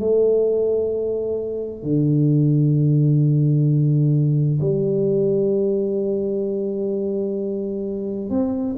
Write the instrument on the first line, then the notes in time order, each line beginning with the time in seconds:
tuba
0.00 A3
1.83 D3
4.61 G3
8.30 C4